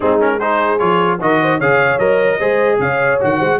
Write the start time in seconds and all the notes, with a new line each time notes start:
0.00 G#3 C4 D#4 G#4
0.20 C#4 A#4
0.39 D#4 G#4 C5
0.78 F3 F4 C#5
1.20 D#3 F#4 A#4 D#5
1.41 C5
1.58 C#3 G#4 C#5 F5
1.98 F#3 A#4 D#5
2.39 G#3 G#4 C5
2.79 C#3 C#5 F5
3.20 D#3 F#4 F#5
3.38 G#3 C5